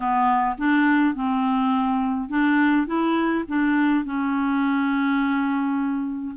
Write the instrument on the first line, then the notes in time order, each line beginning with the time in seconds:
clarinet
0.00 B3
0.58 D4
1.14 C4
2.29 D4
2.86 E4
3.48 D4
4.04 C#4